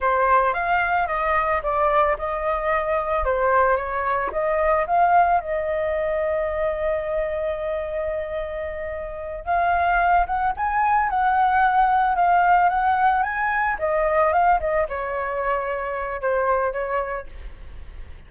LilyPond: \new Staff \with { instrumentName = "flute" } { \time 4/4 \tempo 4 = 111 c''4 f''4 dis''4 d''4 | dis''2 c''4 cis''4 | dis''4 f''4 dis''2~ | dis''1~ |
dis''4. f''4. fis''8 gis''8~ | gis''8 fis''2 f''4 fis''8~ | fis''8 gis''4 dis''4 f''8 dis''8 cis''8~ | cis''2 c''4 cis''4 | }